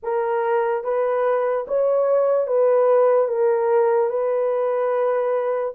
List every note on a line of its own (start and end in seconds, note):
0.02 0.84 A#4
0.84 1.66 B4
1.67 2.47 C#5
2.47 3.28 B4
3.28 4.09 A#4
4.09 5.73 B4